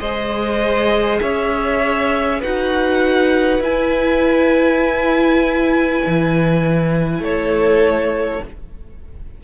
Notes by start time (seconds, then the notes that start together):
0.00 G#3 G#4 C5 D#5
1.21 C#4 C#5 E5
2.40 D#4 F#4 B4 F#5
3.60 E4 G#5
6.07 E3
7.20 A3 A4 C#5